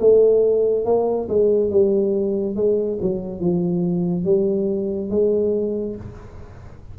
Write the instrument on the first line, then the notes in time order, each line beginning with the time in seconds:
tuba
0.00 A3
0.85 A#3
1.29 G#3
1.70 G3
2.56 G#3
3.02 F#3
3.40 F3
4.25 G3
5.10 G#3